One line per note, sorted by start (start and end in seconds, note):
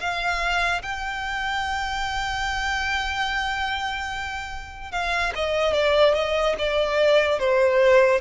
0.00 0.82 F5
0.83 4.92 G5
4.92 5.33 F5
5.35 5.73 D#5
5.73 6.15 D5
6.15 6.56 D#5
6.59 7.39 D5
7.39 8.22 C5